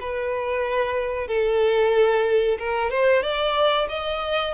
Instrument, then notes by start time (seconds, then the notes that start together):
violin
0.00 B4
1.27 A4
2.58 A#4
2.90 C5
3.23 D5
3.88 D#5